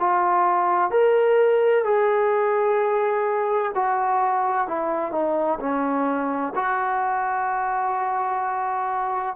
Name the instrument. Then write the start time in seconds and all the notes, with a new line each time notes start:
trombone
0.00 F4
0.91 A#4
1.85 G#4
3.75 F#4
4.68 E4
5.12 D#4
5.60 C#4
6.55 F#4